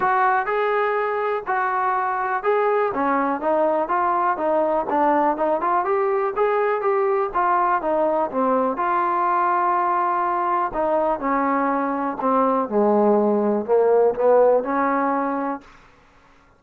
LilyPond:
\new Staff \with { instrumentName = "trombone" } { \time 4/4 \tempo 4 = 123 fis'4 gis'2 fis'4~ | fis'4 gis'4 cis'4 dis'4 | f'4 dis'4 d'4 dis'8 f'8 | g'4 gis'4 g'4 f'4 |
dis'4 c'4 f'2~ | f'2 dis'4 cis'4~ | cis'4 c'4 gis2 | ais4 b4 cis'2 | }